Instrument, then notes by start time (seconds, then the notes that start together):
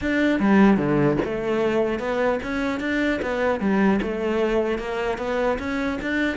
cello
0.01 D4
0.39 G3
0.77 D3
1.24 A3
1.99 B3
2.43 C#4
2.80 D4
3.22 B3
3.60 G3
4.02 A3
4.78 A#3
5.17 B3
5.59 C#4
6.01 D4